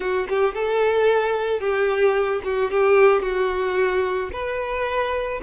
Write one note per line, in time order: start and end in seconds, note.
0.00 0.27 F#4
0.29 0.54 G4
0.54 1.60 A4
1.60 2.41 G4
2.43 2.71 F#4
2.71 3.22 G4
3.22 4.30 F#4
4.32 5.41 B4